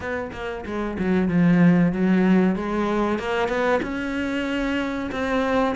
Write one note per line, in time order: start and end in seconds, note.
0.00 0.30 B3
0.32 0.64 A#3
0.65 0.97 G#3
0.99 1.28 F#3
1.28 1.92 F3
1.92 2.55 F#3
2.55 3.18 G#3
3.18 3.48 A#3
3.48 3.80 B3
3.82 5.10 C#4
5.11 5.75 C4